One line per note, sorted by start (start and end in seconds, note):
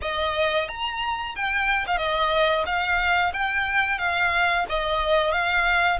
0.02 0.68 D#5
0.68 1.35 A#5
1.35 1.85 G5
1.86 1.97 F5
1.97 2.64 D#5
2.65 3.32 F5
3.33 3.98 G5
3.98 4.65 F5
4.68 5.32 D#5
5.32 5.98 F5